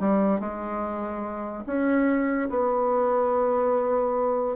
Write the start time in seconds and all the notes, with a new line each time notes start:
0.00 G3
0.40 G#3
1.66 C#4
2.49 B3